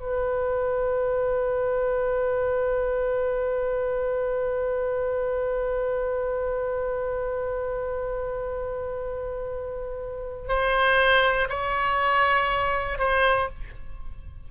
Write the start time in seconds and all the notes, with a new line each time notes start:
0.00 B4
10.49 C5
11.49 C#5
12.99 C5